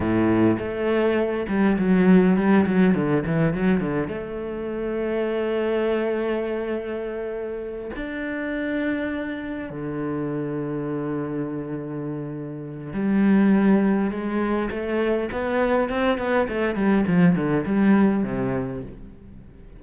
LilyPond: \new Staff \with { instrumentName = "cello" } { \time 4/4 \tempo 4 = 102 a,4 a4. g8 fis4 | g8 fis8 d8 e8 fis8 d8 a4~ | a1~ | a4. d'2~ d'8~ |
d'8 d2.~ d8~ | d2 g2 | gis4 a4 b4 c'8 b8 | a8 g8 f8 d8 g4 c4 | }